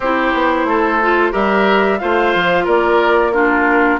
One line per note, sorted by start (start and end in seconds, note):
0.00 0.32 C4
0.00 1.02 E4
0.00 0.66 G4
0.00 1.33 C5
0.34 0.65 B3
0.65 1.31 A3
0.65 1.32 A4
1.02 1.32 F4
1.32 2.00 G3
1.32 1.98 G4
1.32 1.98 A#4
1.32 1.99 E5
1.99 2.35 A3
1.99 3.33 F4
1.99 2.64 C5
1.99 2.65 F5
2.35 2.66 F3
2.64 3.99 A#3
2.64 3.31 A#4
2.64 3.32 D5
3.32 3.99 D4
3.32 3.99 F4
3.32 3.99 A#4